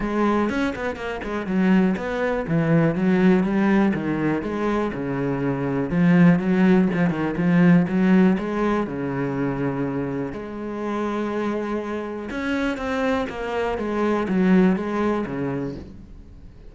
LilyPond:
\new Staff \with { instrumentName = "cello" } { \time 4/4 \tempo 4 = 122 gis4 cis'8 b8 ais8 gis8 fis4 | b4 e4 fis4 g4 | dis4 gis4 cis2 | f4 fis4 f8 dis8 f4 |
fis4 gis4 cis2~ | cis4 gis2.~ | gis4 cis'4 c'4 ais4 | gis4 fis4 gis4 cis4 | }